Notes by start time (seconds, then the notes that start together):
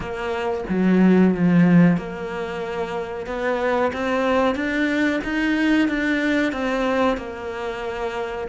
0.00 A#3
0.69 F#3
1.34 F3
1.97 A#3
3.26 B3
3.92 C4
4.55 D4
5.24 D#4
5.88 D4
6.52 C4
7.17 A#3